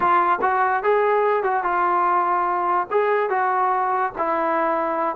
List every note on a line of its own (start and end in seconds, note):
0.00 0.39 F4
0.41 0.83 F#4
0.83 1.43 G#4
1.43 1.63 F#4
1.63 2.87 F4
2.90 3.29 G#4
3.29 4.12 F#4
4.18 5.16 E4